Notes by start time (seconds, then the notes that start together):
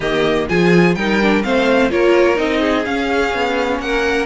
0.00 D#3 A#3 G4 D#5
0.48 F3 F4 G#4 G#5
0.94 G3 D#4 A#4 G5
1.21 D4
1.43 A3 C4 C5 F5
1.90 A#3 F4 A#4 C#5
2.35 C4 D#4 D#5
2.60 G#4
2.85 C#4 F5
3.33 B3
3.79 A#3 A#4 F#5